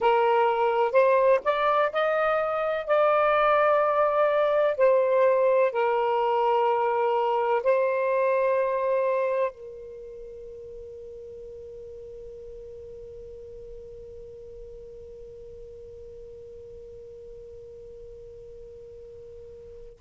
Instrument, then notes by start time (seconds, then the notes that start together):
saxophone
0.00 A#4
0.92 C5
1.44 D5
1.92 D#5
2.87 D5
4.77 C5
5.71 A#4
7.63 C5
9.51 A#4